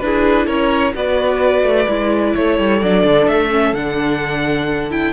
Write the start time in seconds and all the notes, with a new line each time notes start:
0.00 D4 E4 G#4 B4
0.47 C#4 A#4 C#5
0.95 B3 F#4 B4 D5
1.64 A3
1.88 G#3 E4
2.36 A3 A4 C#5
2.59 G3
2.82 F#3 D4 D5
3.04 D3
3.28 A3 E5
3.51 C#4
3.73 D3 D4 F#5
4.91 E4 G5